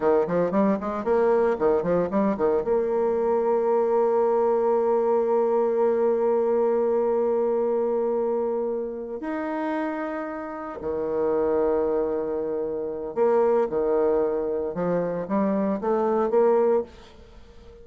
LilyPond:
\new Staff \with { instrumentName = "bassoon" } { \time 4/4 \tempo 4 = 114 dis8 f8 g8 gis8 ais4 dis8 f8 | g8 dis8 ais2.~ | ais1~ | ais1~ |
ais4. dis'2~ dis'8~ | dis'8 dis2.~ dis8~ | dis4 ais4 dis2 | f4 g4 a4 ais4 | }